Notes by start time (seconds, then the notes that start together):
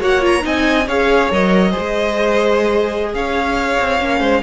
0.00 A#3 F#4 C#5 F#5
0.21 F4 A#5
0.41 C4 D#4 D#5 G#5
0.87 C#4 G#4 C#5 F5
1.30 F#3 A#4 D#5
1.70 G#4 C5
1.79 G#3
3.13 C#4 C#5 F5
3.79 C4
3.99 A#3 C#4
4.19 G#3 C5